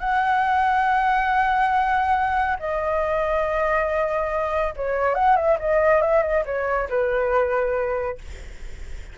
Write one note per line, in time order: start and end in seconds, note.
0.00 2.57 F#5
2.59 4.74 D#5
4.76 5.15 C#5
5.15 5.36 F#5
5.36 5.58 E5
5.60 6.02 D#5
6.02 6.23 E5
6.23 6.44 D#5
6.46 6.89 C#5
6.90 8.18 B4